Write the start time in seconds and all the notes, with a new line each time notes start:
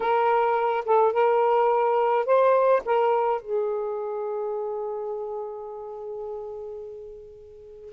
0.00 A#4
0.85 A4
1.12 A#4
2.25 C5
2.85 A#4
3.41 G#4